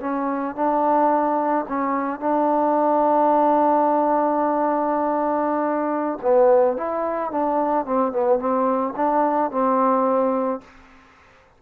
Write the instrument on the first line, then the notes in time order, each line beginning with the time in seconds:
trombone
0.00 C#4
0.55 D4
1.68 C#4
2.19 D4
6.22 B3
6.77 E4
7.31 D4
7.85 C4
8.12 B3
8.39 C4
8.96 D4
9.51 C4